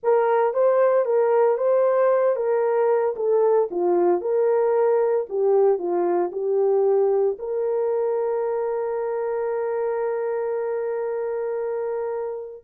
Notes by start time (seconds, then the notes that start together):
0.03 A#4
0.53 C5
1.05 A#4
1.57 C5
2.35 A#4
3.16 A4
3.71 F4
4.21 A#4
5.29 G4
5.78 F4
6.32 G4
7.38 A#4